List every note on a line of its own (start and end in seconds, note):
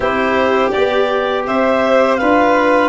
0.00 0.70 C4
0.00 0.71 E4
0.00 1.45 G4
0.00 0.71 C5
0.71 1.47 B3
0.71 2.20 G4
0.71 1.44 D5
1.46 2.20 C4
1.46 2.19 C5
1.46 2.16 E5
2.16 2.89 D4
2.16 2.89 F4
2.16 2.89 B4
2.16 2.89 F5